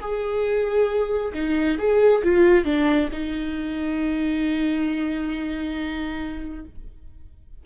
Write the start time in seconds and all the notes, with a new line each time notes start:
0.00 G#4
1.33 D#4
1.78 G#4
2.23 F4
2.64 D4
3.12 D#4